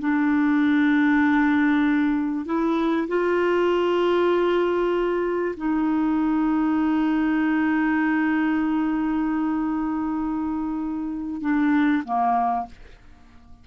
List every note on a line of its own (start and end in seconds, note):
0.00 2.46 D4
2.46 3.08 E4
3.08 5.55 F4
5.57 11.41 D#4
11.41 12.03 D4
12.04 12.66 A#3